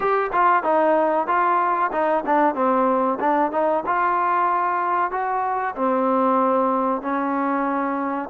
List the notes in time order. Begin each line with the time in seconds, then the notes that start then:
0.00 G4
0.32 F4
0.63 D#4
1.27 F4
1.91 D#4
2.26 D4
2.54 C4
3.19 D4
3.51 D#4
3.86 F4
5.11 F#4
5.75 C4
7.01 C#4